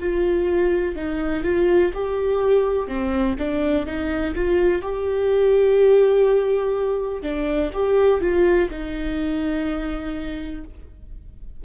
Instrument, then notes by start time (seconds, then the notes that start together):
viola
0.00 F4
0.96 D#4
1.44 F4
1.94 G4
2.88 C4
3.39 D4
3.86 D#4
4.35 F4
4.83 G4
7.23 D4
7.74 G4
8.21 F4
8.71 D#4